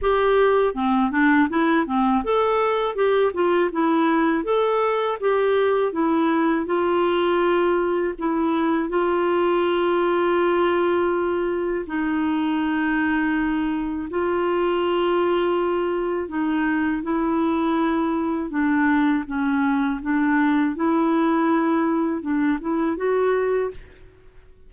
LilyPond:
\new Staff \with { instrumentName = "clarinet" } { \time 4/4 \tempo 4 = 81 g'4 c'8 d'8 e'8 c'8 a'4 | g'8 f'8 e'4 a'4 g'4 | e'4 f'2 e'4 | f'1 |
dis'2. f'4~ | f'2 dis'4 e'4~ | e'4 d'4 cis'4 d'4 | e'2 d'8 e'8 fis'4 | }